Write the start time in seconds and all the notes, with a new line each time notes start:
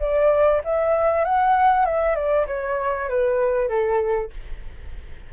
0.00 D5
0.64 E5
1.25 F#5
1.86 E5
2.15 D5
2.47 C#5
3.09 B4
3.69 A4